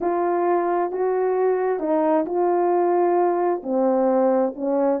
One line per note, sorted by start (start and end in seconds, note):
0.01 0.91 F4
0.91 1.79 F#4
1.79 2.25 D#4
2.25 3.62 F4
3.63 4.54 C4
4.55 5.00 C#4